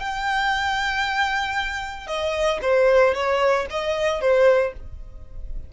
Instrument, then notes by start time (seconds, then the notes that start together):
violin
0.00 G5
2.07 D#5
2.62 C5
3.14 C#5
3.70 D#5
4.21 C5